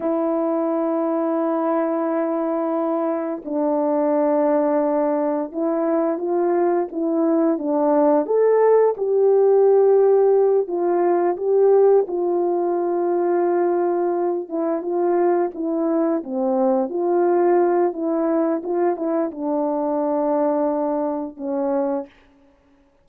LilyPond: \new Staff \with { instrumentName = "horn" } { \time 4/4 \tempo 4 = 87 e'1~ | e'4 d'2. | e'4 f'4 e'4 d'4 | a'4 g'2~ g'8 f'8~ |
f'8 g'4 f'2~ f'8~ | f'4 e'8 f'4 e'4 c'8~ | c'8 f'4. e'4 f'8 e'8 | d'2. cis'4 | }